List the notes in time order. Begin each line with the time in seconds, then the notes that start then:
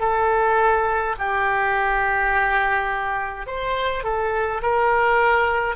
0.00 A4
1.19 G4
3.47 C5
4.04 A4
4.63 A#4